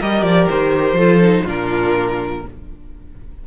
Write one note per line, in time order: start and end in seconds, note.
0.00 0.23 G3
0.00 0.98 G4
0.00 0.97 A#4
0.00 0.23 D#5
0.23 0.48 F3
0.23 0.47 D5
0.50 0.93 D#3
0.50 1.47 C5
0.93 1.42 F3
0.93 1.22 F4
0.93 1.44 A4
1.22 1.46 D#4
1.44 2.45 A#2
1.44 2.44 D4
1.44 2.42 F4
1.44 2.47 A#4